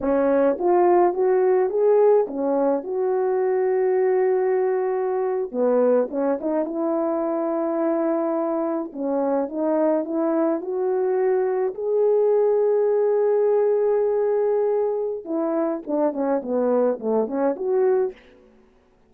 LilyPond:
\new Staff \with { instrumentName = "horn" } { \time 4/4 \tempo 4 = 106 cis'4 f'4 fis'4 gis'4 | cis'4 fis'2.~ | fis'4.~ fis'16 b4 cis'8 dis'8 e'16~ | e'2.~ e'8. cis'16~ |
cis'8. dis'4 e'4 fis'4~ fis'16~ | fis'8. gis'2.~ gis'16~ | gis'2. e'4 | d'8 cis'8 b4 a8 cis'8 fis'4 | }